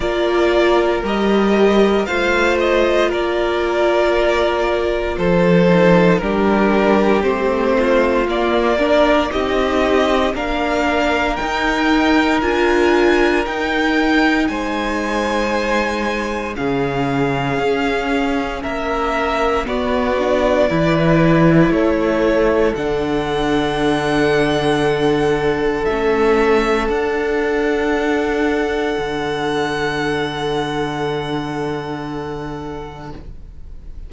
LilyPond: <<
  \new Staff \with { instrumentName = "violin" } { \time 4/4 \tempo 4 = 58 d''4 dis''4 f''8 dis''8 d''4~ | d''4 c''4 ais'4 c''4 | d''4 dis''4 f''4 g''4 | gis''4 g''4 gis''2 |
f''2 e''4 d''4~ | d''4 cis''4 fis''2~ | fis''4 e''4 fis''2~ | fis''1 | }
  \new Staff \with { instrumentName = "violin" } { \time 4/4 ais'2 c''4 ais'4~ | ais'4 a'4 g'4. f'8~ | f'8 ais'8 g'4 ais'2~ | ais'2 c''2 |
gis'2 ais'4 fis'4 | b'4 a'2.~ | a'1~ | a'1 | }
  \new Staff \with { instrumentName = "viola" } { \time 4/4 f'4 g'4 f'2~ | f'4. dis'8 d'4 c'4 | ais8 d'8 dis'4 d'4 dis'4 | f'4 dis'2. |
cis'2. b8 d'8 | e'2 d'2~ | d'4 cis'4 d'2~ | d'1 | }
  \new Staff \with { instrumentName = "cello" } { \time 4/4 ais4 g4 a4 ais4~ | ais4 f4 g4 a4 | ais4 c'4 ais4 dis'4 | d'4 dis'4 gis2 |
cis4 cis'4 ais4 b4 | e4 a4 d2~ | d4 a4 d'2 | d1 | }
>>